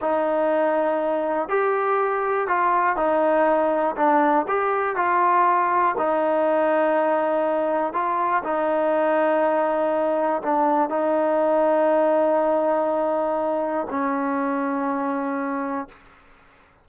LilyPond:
\new Staff \with { instrumentName = "trombone" } { \time 4/4 \tempo 4 = 121 dis'2. g'4~ | g'4 f'4 dis'2 | d'4 g'4 f'2 | dis'1 |
f'4 dis'2.~ | dis'4 d'4 dis'2~ | dis'1 | cis'1 | }